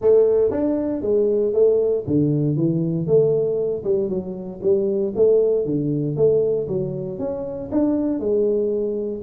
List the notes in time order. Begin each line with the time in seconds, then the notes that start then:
0.01 A3
0.50 D4
1.01 G#3
1.53 A3
2.06 D3
2.56 E3
3.06 A3
3.83 G3
4.09 F#3
4.62 G3
5.15 A3
5.65 D3
6.16 A3
6.68 F#3
7.18 C#4
7.71 D4
8.19 G#3